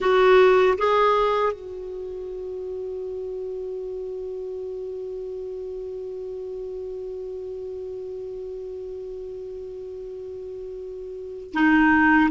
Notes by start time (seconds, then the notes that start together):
0.00 F#4
0.78 G#4
1.52 F#4
11.53 D#4